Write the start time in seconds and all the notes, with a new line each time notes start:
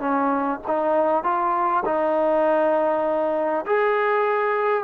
0.00 C#4
0.67 D#4
1.24 F4
1.85 D#4
3.66 G#4